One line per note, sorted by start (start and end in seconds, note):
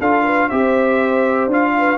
0.00 0.50 D4
0.00 0.51 F4
0.00 0.23 A4
0.00 0.49 F5
0.23 0.48 B4
0.48 1.47 C4
0.48 1.50 G4
0.48 1.72 C5
0.48 1.48 E5
1.47 1.96 D4
1.47 1.97 F4
1.47 1.97 F5
1.77 1.97 B4